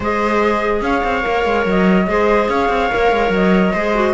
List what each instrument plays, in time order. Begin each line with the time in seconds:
0.00 cello G#3, clarinet G#4, viola C5, flute D#5
0.81 cello C#4, viola C#5, flute F5
1.03 cello C4
1.22 cello A#3, clarinet A#4
1.44 cello G#3
1.65 cello F#3, flute D#5
2.07 cello G#3, clarinet G#4, viola C5
2.48 cello C#4, viola C#5, flute F5
2.68 cello C4
2.90 cello A#3, clarinet A#4
3.11 cello G#3
3.29 cello F#3, flute D#5
3.73 cello G#3, clarinet G#4, viola C5
3.94 clarinet F#4